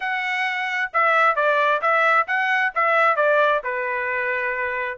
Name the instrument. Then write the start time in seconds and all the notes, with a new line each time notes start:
trumpet
0.00 F#5
0.93 E5
1.35 D5
1.81 E5
2.27 F#5
2.74 E5
3.16 D5
3.63 B4